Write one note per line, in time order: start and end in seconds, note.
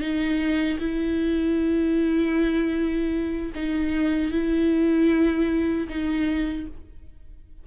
0.00 0.78 D#4
0.79 3.52 E4
3.55 4.32 D#4
4.32 5.88 E4
5.89 6.67 D#4